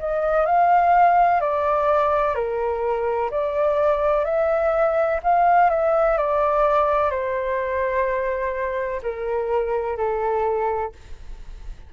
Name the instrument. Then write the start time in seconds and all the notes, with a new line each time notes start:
flute
0.00 D#5
0.46 F5
1.41 D5
2.35 A#4
3.31 D5
4.25 E5
5.24 F5
5.70 E5
6.18 D5
7.11 C5
9.03 A#4
9.97 A4